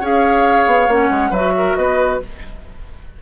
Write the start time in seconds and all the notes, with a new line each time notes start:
0.00 C#4 G#4 C#5 F5
0.66 B3
0.88 A#3 C#4 F#5
1.10 G#3
1.30 F#3 F#4 B4 E5
1.58 A#4
1.75 B3 B4 D#5